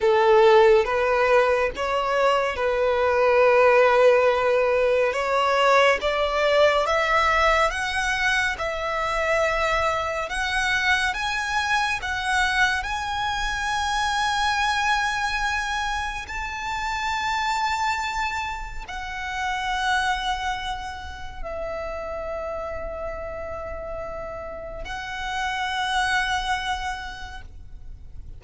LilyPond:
\new Staff \with { instrumentName = "violin" } { \time 4/4 \tempo 4 = 70 a'4 b'4 cis''4 b'4~ | b'2 cis''4 d''4 | e''4 fis''4 e''2 | fis''4 gis''4 fis''4 gis''4~ |
gis''2. a''4~ | a''2 fis''2~ | fis''4 e''2.~ | e''4 fis''2. | }